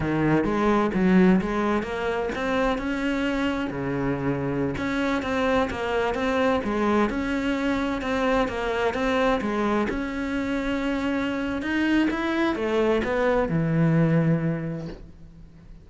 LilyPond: \new Staff \with { instrumentName = "cello" } { \time 4/4 \tempo 4 = 129 dis4 gis4 fis4 gis4 | ais4 c'4 cis'2 | cis2~ cis16 cis'4 c'8.~ | c'16 ais4 c'4 gis4 cis'8.~ |
cis'4~ cis'16 c'4 ais4 c'8.~ | c'16 gis4 cis'2~ cis'8.~ | cis'4 dis'4 e'4 a4 | b4 e2. | }